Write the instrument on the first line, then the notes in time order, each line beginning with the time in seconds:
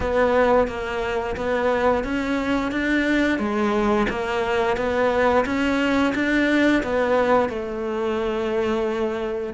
cello
0.00 B3
0.67 A#3
1.36 B3
2.03 C#4
2.71 D4
3.38 G#3
4.09 A#3
4.76 B3
5.45 C#4
6.14 D4
6.83 B3
7.49 A3